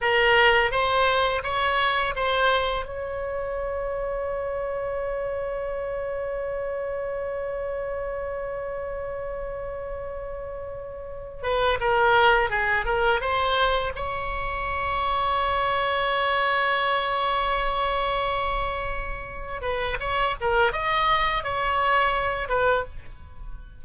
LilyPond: \new Staff \with { instrumentName = "oboe" } { \time 4/4 \tempo 4 = 84 ais'4 c''4 cis''4 c''4 | cis''1~ | cis''1~ | cis''1 |
b'8 ais'4 gis'8 ais'8 c''4 cis''8~ | cis''1~ | cis''2.~ cis''8 b'8 | cis''8 ais'8 dis''4 cis''4. b'8 | }